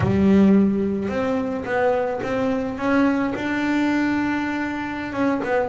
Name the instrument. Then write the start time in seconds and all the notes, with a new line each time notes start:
double bass
0.00 G3
1.09 C4
1.65 B3
2.23 C4
2.78 C#4
3.35 D4
5.12 C#4
5.44 B3